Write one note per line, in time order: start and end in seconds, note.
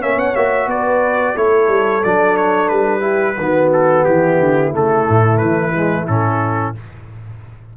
0.00 0.16 A#3
0.00 0.34 C#4
0.00 0.67 C#5
0.00 0.19 E5
0.16 0.33 B3
0.16 0.35 F#5
0.35 0.66 A#3
0.35 1.36 F#4
0.35 0.69 E5
0.66 1.34 B3
0.66 1.36 B4
0.66 1.36 D5
1.35 1.68 A3
1.35 2.03 E4
1.35 3.01 A4
1.35 2.03 C#5
1.68 2.02 G3
2.03 2.70 F#3
2.03 3.00 D4
2.03 2.37 D5
2.37 2.68 C#5
2.68 3.37 G3
2.68 3.69 B4
3.00 3.34 E4
3.00 3.35 G4
3.37 4.05 D#3
3.37 4.72 B3
3.37 4.07 F#4
3.72 4.04 A4
4.04 4.39 E3
4.04 6.77 E4
4.04 4.72 G4
4.39 4.73 D3
4.72 5.06 C#3
4.72 5.73 A3
4.72 5.37 A4
5.09 5.41 A2
5.37 6.08 E3
5.37 6.05 B4
5.74 6.07 G#3
6.07 6.75 A2
6.07 6.75 C#4
6.07 6.74 A4